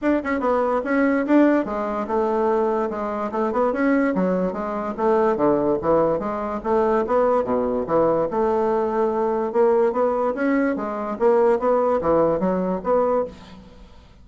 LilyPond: \new Staff \with { instrumentName = "bassoon" } { \time 4/4 \tempo 4 = 145 d'8 cis'8 b4 cis'4 d'4 | gis4 a2 gis4 | a8 b8 cis'4 fis4 gis4 | a4 d4 e4 gis4 |
a4 b4 b,4 e4 | a2. ais4 | b4 cis'4 gis4 ais4 | b4 e4 fis4 b4 | }